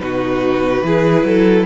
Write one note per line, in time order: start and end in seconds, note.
0.00 0.82 B2
0.00 0.83 D#4
0.00 0.87 F#4
0.00 1.66 B4
0.82 1.24 E3
0.82 1.66 E4
0.82 1.27 G#4
1.24 1.65 F#3
1.24 1.66 A4